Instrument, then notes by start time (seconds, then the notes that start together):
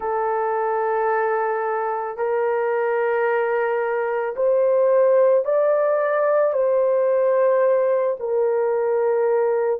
horn
0.00 A4
2.17 A#4
4.36 C5
5.44 D5
6.53 C5
8.19 A#4